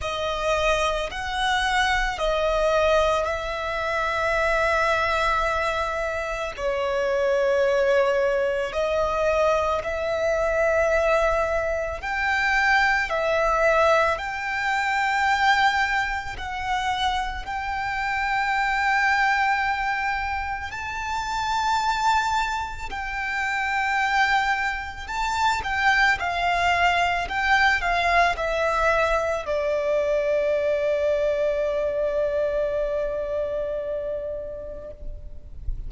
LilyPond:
\new Staff \with { instrumentName = "violin" } { \time 4/4 \tempo 4 = 55 dis''4 fis''4 dis''4 e''4~ | e''2 cis''2 | dis''4 e''2 g''4 | e''4 g''2 fis''4 |
g''2. a''4~ | a''4 g''2 a''8 g''8 | f''4 g''8 f''8 e''4 d''4~ | d''1 | }